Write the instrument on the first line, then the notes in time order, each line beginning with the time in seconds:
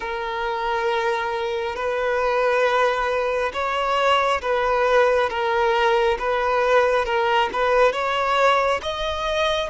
violin
0.00 A#4
1.75 B4
3.53 C#5
4.41 B4
5.29 A#4
6.18 B4
7.05 A#4
7.52 B4
7.92 C#5
8.82 D#5